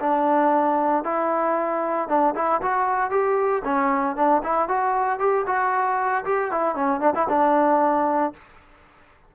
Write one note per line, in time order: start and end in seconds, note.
0.00 1.04 D4
1.04 2.08 E4
2.08 2.34 D4
2.35 2.61 E4
2.61 3.10 F#4
3.10 3.62 G4
3.64 4.16 C#4
4.16 4.42 D4
4.43 4.68 E4
4.68 5.19 F#4
5.19 5.45 G4
5.46 6.24 F#4
6.25 6.51 G4
6.51 6.75 E4
6.75 7.00 C#4
7.00 7.13 D4
7.15 7.28 E4
7.29 8.33 D4